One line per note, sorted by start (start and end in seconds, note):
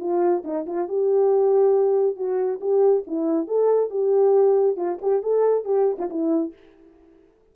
0.00 0.43 F4
0.44 0.66 D#4
0.66 0.88 F4
0.88 2.16 G4
2.16 2.60 F#4
2.60 3.04 G4
3.07 3.47 E4
3.47 3.91 A4
3.91 4.77 G4
4.77 4.98 F4
5.02 5.23 G4
5.23 5.65 A4
5.65 5.97 G4
5.99 6.09 F4
6.10 6.53 E4